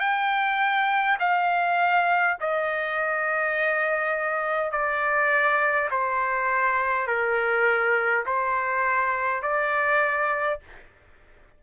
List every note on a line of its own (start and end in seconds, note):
0.00 1.18 G5
1.19 2.37 F5
2.41 4.72 D#5
4.72 5.89 D5
5.90 7.07 C5
7.07 8.25 A#4
8.26 9.42 C5
9.42 10.60 D5